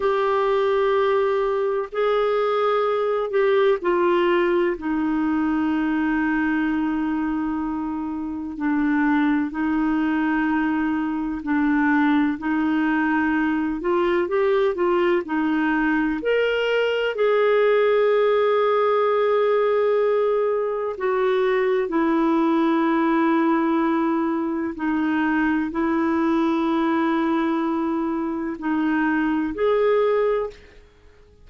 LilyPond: \new Staff \with { instrumentName = "clarinet" } { \time 4/4 \tempo 4 = 63 g'2 gis'4. g'8 | f'4 dis'2.~ | dis'4 d'4 dis'2 | d'4 dis'4. f'8 g'8 f'8 |
dis'4 ais'4 gis'2~ | gis'2 fis'4 e'4~ | e'2 dis'4 e'4~ | e'2 dis'4 gis'4 | }